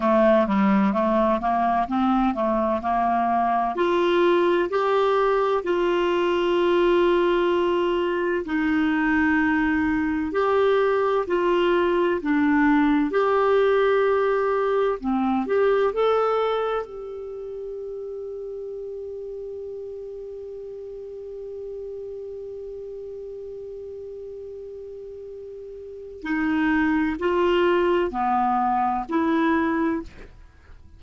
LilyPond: \new Staff \with { instrumentName = "clarinet" } { \time 4/4 \tempo 4 = 64 a8 g8 a8 ais8 c'8 a8 ais4 | f'4 g'4 f'2~ | f'4 dis'2 g'4 | f'4 d'4 g'2 |
c'8 g'8 a'4 g'2~ | g'1~ | g'1 | dis'4 f'4 b4 e'4 | }